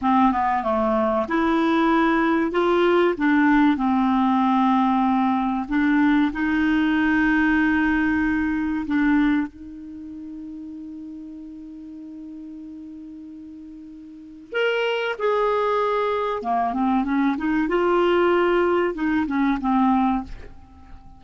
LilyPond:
\new Staff \with { instrumentName = "clarinet" } { \time 4/4 \tempo 4 = 95 c'8 b8 a4 e'2 | f'4 d'4 c'2~ | c'4 d'4 dis'2~ | dis'2 d'4 dis'4~ |
dis'1~ | dis'2. ais'4 | gis'2 ais8 c'8 cis'8 dis'8 | f'2 dis'8 cis'8 c'4 | }